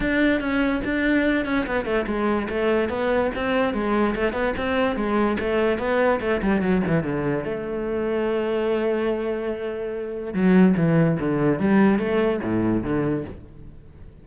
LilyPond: \new Staff \with { instrumentName = "cello" } { \time 4/4 \tempo 4 = 145 d'4 cis'4 d'4. cis'8 | b8 a8 gis4 a4 b4 | c'4 gis4 a8 b8 c'4 | gis4 a4 b4 a8 g8 |
fis8 e8 d4 a2~ | a1~ | a4 fis4 e4 d4 | g4 a4 a,4 d4 | }